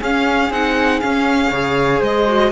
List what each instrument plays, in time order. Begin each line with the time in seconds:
0.00 viola C#4, cello C#4, flute G#4, violin F5
0.50 cello C4, viola D#4, violin F#5
1.00 viola C#4, cello C#4, violin F5
1.51 cello C#3, viola G#4, flute C#5
2.00 cello G#3, flute C5, violin D#5
2.27 viola F#4